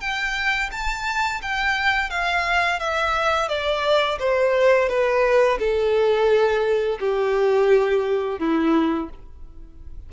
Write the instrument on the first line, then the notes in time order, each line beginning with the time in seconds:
violin
0.00 G5
0.71 A5
1.41 G5
2.10 F5
2.79 E5
3.48 D5
4.19 C5
4.88 B4
5.59 A4
6.99 G4
8.39 E4